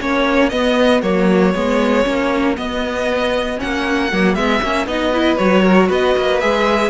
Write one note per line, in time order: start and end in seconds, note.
0.00 0.52 A#3
0.00 0.51 C#4
0.00 5.13 F#4
0.00 0.50 C#5
0.50 1.02 B3
0.50 1.03 B3
0.50 1.01 D#5
1.03 1.54 F#3
1.03 1.54 A#3
1.03 2.57 C#5
1.55 2.07 G#3
1.55 2.04 B3
2.04 2.57 A#3
2.04 2.56 C#4
2.56 3.58 B3
2.56 3.60 B3
2.56 3.60 D#5
3.58 4.13 A#3
3.58 4.09 C#4
3.58 4.35 F#5
4.13 4.35 F#3
4.13 4.37 A#3
4.35 4.61 G#3
4.35 4.63 B3
4.35 4.86 E5
4.63 4.86 A#3
4.63 4.87 C#4
4.86 5.38 B3
4.86 5.13 D#4
4.86 5.38 D#5
5.13 5.39 E4
5.13 5.63 B4
5.38 5.90 F#3
5.38 6.41 F#4
5.38 5.89 C#5
5.63 5.88 A#4
5.90 6.16 B3
5.90 6.90 B4
5.90 6.40 D#5
6.18 6.43 A#3
6.40 6.90 G#3
6.40 6.90 G#4
6.40 6.90 E5